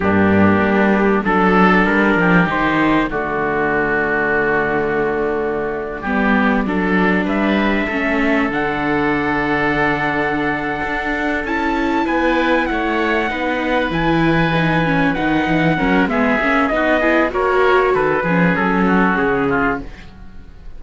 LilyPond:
<<
  \new Staff \with { instrumentName = "trumpet" } { \time 4/4 \tempo 4 = 97 g'2 a'4 ais'4 | c''4 d''2.~ | d''2.~ d''8. e''16~ | e''4.~ e''16 fis''2~ fis''16~ |
fis''2~ fis''8 a''4 gis''8~ | gis''8 fis''2 gis''4.~ | gis''8 fis''4. e''4 dis''4 | cis''4 b'4 a'4 gis'4 | }
  \new Staff \with { instrumentName = "oboe" } { \time 4/4 d'2 a'4. g'8~ | g'4 fis'2.~ | fis'4.~ fis'16 g'4 a'4 b'16~ | b'8. a'2.~ a'16~ |
a'2.~ a'8 b'8~ | b'8 cis''4 b'2~ b'8~ | b'4. ais'8 gis'4 fis'8 gis'8 | ais'4 a'8 gis'4 fis'4 f'8 | }
  \new Staff \with { instrumentName = "viola" } { \time 4/4 ais2 d'2 | dis'4 a2.~ | a4.~ a16 b4 d'4~ d'16~ | d'8. cis'4 d'2~ d'16~ |
d'2~ d'8 e'4.~ | e'4. dis'4 e'4 dis'8 | cis'8 dis'4 cis'8 b8 cis'8 dis'8 e'8 | fis'4. cis'2~ cis'8 | }
  \new Staff \with { instrumentName = "cello" } { \time 4/4 g,4 g4 fis4 g8 f8 | dis4 d2.~ | d4.~ d16 g4 fis4 g16~ | g8. a4 d2~ d16~ |
d4. d'4 cis'4 b8~ | b8 a4 b4 e4.~ | e8 dis8 e8 fis8 gis8 ais8 b4 | ais4 dis8 f8 fis4 cis4 | }
>>